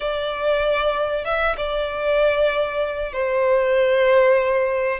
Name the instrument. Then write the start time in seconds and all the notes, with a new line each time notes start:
violin
0.00 D5
1.24 E5
1.56 D5
3.12 C5